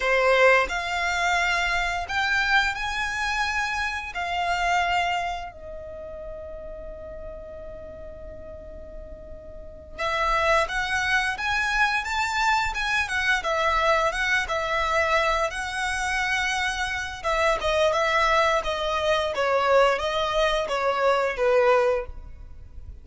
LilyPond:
\new Staff \with { instrumentName = "violin" } { \time 4/4 \tempo 4 = 87 c''4 f''2 g''4 | gis''2 f''2 | dis''1~ | dis''2~ dis''8 e''4 fis''8~ |
fis''8 gis''4 a''4 gis''8 fis''8 e''8~ | e''8 fis''8 e''4. fis''4.~ | fis''4 e''8 dis''8 e''4 dis''4 | cis''4 dis''4 cis''4 b'4 | }